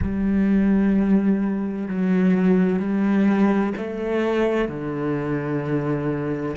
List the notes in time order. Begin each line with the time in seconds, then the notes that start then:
0.02 G3
1.87 F#3
2.79 G3
3.77 A3
4.68 D3